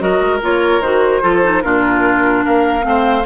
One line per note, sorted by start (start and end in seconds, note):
0.00 0.21 F#3
0.00 0.41 F#4
0.00 1.23 A#4
0.00 0.41 D#5
0.21 0.41 G#3
0.42 0.80 A#3
0.42 0.83 F4
0.42 0.82 C#5
0.80 1.21 D#3
0.80 1.22 F#4
0.80 1.62 C5
1.22 1.64 F3
1.22 1.42 F4
1.22 1.63 A4
1.43 1.64 D#4
1.62 2.45 A#2
1.62 2.82 D4
1.62 2.45 F4
1.62 2.43 A#4
2.45 2.84 A#3
2.45 2.85 A#4
2.45 3.26 F5
2.82 3.25 A3
2.82 3.23 C4
2.82 3.26 C5